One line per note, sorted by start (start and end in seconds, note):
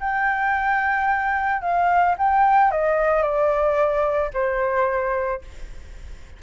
0.00 1.61 G5
1.61 2.15 F5
2.18 2.71 G5
2.71 3.22 D#5
3.22 4.30 D5
4.33 5.42 C5